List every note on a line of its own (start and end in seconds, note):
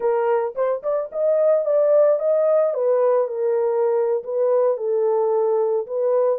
0.00 0.54 A#4
0.55 0.82 C5
0.82 1.10 D5
1.12 1.65 D#5
1.65 2.19 D5
2.19 2.73 D#5
2.74 3.27 B4
3.27 4.23 A#4
4.23 4.77 B4
4.77 5.86 A4
5.87 6.38 B4